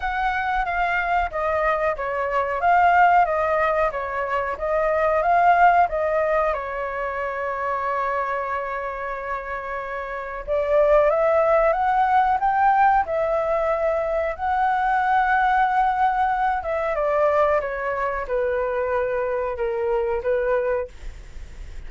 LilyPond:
\new Staff \with { instrumentName = "flute" } { \time 4/4 \tempo 4 = 92 fis''4 f''4 dis''4 cis''4 | f''4 dis''4 cis''4 dis''4 | f''4 dis''4 cis''2~ | cis''1 |
d''4 e''4 fis''4 g''4 | e''2 fis''2~ | fis''4. e''8 d''4 cis''4 | b'2 ais'4 b'4 | }